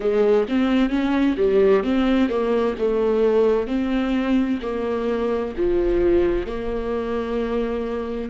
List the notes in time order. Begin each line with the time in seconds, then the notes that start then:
0.00 G#3
0.48 C4
0.89 C#4
1.37 G3
1.83 C4
2.29 A#3
2.78 A3
3.67 C4
4.62 A#3
5.57 F3
6.46 A#3